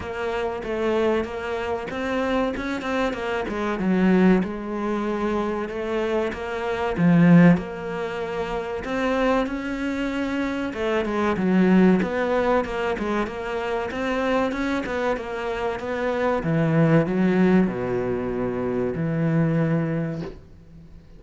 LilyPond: \new Staff \with { instrumentName = "cello" } { \time 4/4 \tempo 4 = 95 ais4 a4 ais4 c'4 | cis'8 c'8 ais8 gis8 fis4 gis4~ | gis4 a4 ais4 f4 | ais2 c'4 cis'4~ |
cis'4 a8 gis8 fis4 b4 | ais8 gis8 ais4 c'4 cis'8 b8 | ais4 b4 e4 fis4 | b,2 e2 | }